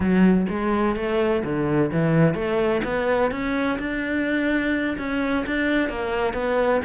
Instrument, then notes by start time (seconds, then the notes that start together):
cello
0.00 F#3
0.49 G#3
0.96 A3
1.43 D3
1.92 E3
2.34 A3
2.83 B3
3.31 C#4
3.78 D4
4.98 C#4
5.46 D4
5.89 A#3
6.33 B3